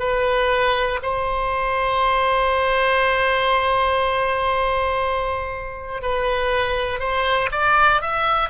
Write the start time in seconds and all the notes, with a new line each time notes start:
0.00 B4
1.03 C5
6.02 B4
7.00 C5
7.52 D5
8.02 E5